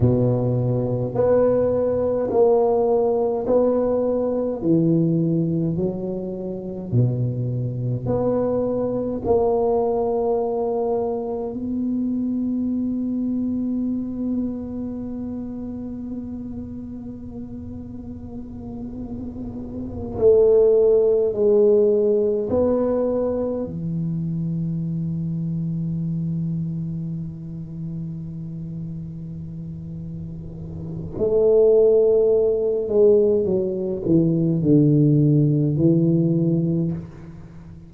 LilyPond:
\new Staff \with { instrumentName = "tuba" } { \time 4/4 \tempo 4 = 52 b,4 b4 ais4 b4 | e4 fis4 b,4 b4 | ais2 b2~ | b1~ |
b4. a4 gis4 b8~ | b8 e2.~ e8~ | e2. a4~ | a8 gis8 fis8 e8 d4 e4 | }